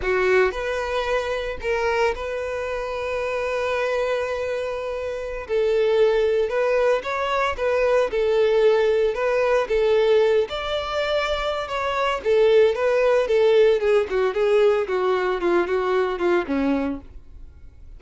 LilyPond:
\new Staff \with { instrumentName = "violin" } { \time 4/4 \tempo 4 = 113 fis'4 b'2 ais'4 | b'1~ | b'2~ b'16 a'4.~ a'16~ | a'16 b'4 cis''4 b'4 a'8.~ |
a'4~ a'16 b'4 a'4. d''16~ | d''2 cis''4 a'4 | b'4 a'4 gis'8 fis'8 gis'4 | fis'4 f'8 fis'4 f'8 cis'4 | }